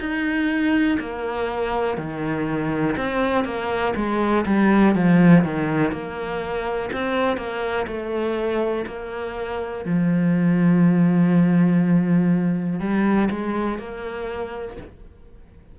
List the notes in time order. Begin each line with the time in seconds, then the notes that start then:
0.00 D#4
1.00 A#3
1.98 D#3
2.97 C4
3.45 A#3
3.96 G#3
4.46 G3
4.95 F3
5.45 D#3
5.92 A#3
6.93 C4
7.37 A#3
7.87 A3
8.87 A#3
9.85 F3
12.80 G3
13.31 G#3
13.79 A#3